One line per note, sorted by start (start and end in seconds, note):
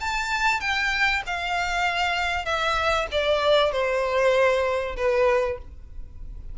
0.00 0.60 A5
0.60 1.22 G5
1.26 2.45 F5
2.45 3.07 E5
3.11 3.72 D5
3.72 4.96 C5
4.96 5.58 B4